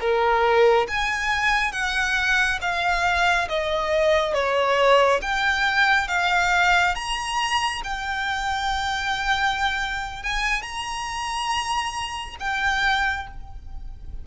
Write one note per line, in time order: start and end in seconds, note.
0.00 0.87 A#4
0.88 1.72 G#5
1.72 2.59 F#5
2.61 3.48 F5
3.49 4.34 D#5
4.34 5.21 C#5
5.22 6.08 G5
6.08 6.95 F5
6.95 7.82 A#5
7.84 10.23 G5
10.23 10.62 G#5
10.62 12.36 A#5
12.40 13.27 G5